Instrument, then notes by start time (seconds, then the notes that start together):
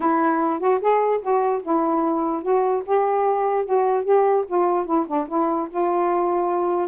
saxophone
0.00 E4
0.59 F#4
0.80 G#4
1.21 F#4
1.62 E4
2.42 F#4
2.85 G4
3.65 F#4
4.04 G4
4.47 F4
4.85 E4
5.07 D4
5.27 E4
5.69 F4